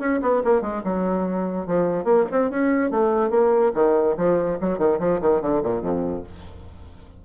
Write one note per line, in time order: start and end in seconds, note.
0.00 0.21 C#4
0.22 0.43 B3
0.45 0.62 A#3
0.62 0.83 G#3
0.84 1.67 F#3
1.67 2.05 F3
2.05 2.25 A#3
2.32 2.51 C4
2.51 2.91 C#4
2.91 3.31 A3
3.31 3.73 A#3
3.75 4.16 D#3
4.17 4.59 F3
4.61 4.79 F#3
4.79 4.99 D#3
5.00 5.20 F3
5.21 5.42 D#3
5.42 5.63 D3
5.63 5.82 A#2
5.82 6.24 F2